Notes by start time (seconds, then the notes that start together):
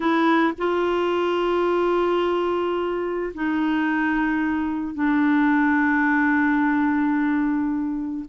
0.00 E4
0.58 F4
3.34 D#4
4.94 D4